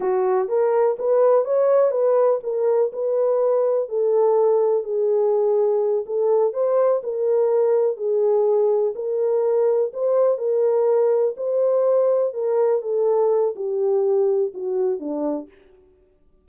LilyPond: \new Staff \with { instrumentName = "horn" } { \time 4/4 \tempo 4 = 124 fis'4 ais'4 b'4 cis''4 | b'4 ais'4 b'2 | a'2 gis'2~ | gis'8 a'4 c''4 ais'4.~ |
ais'8 gis'2 ais'4.~ | ais'8 c''4 ais'2 c''8~ | c''4. ais'4 a'4. | g'2 fis'4 d'4 | }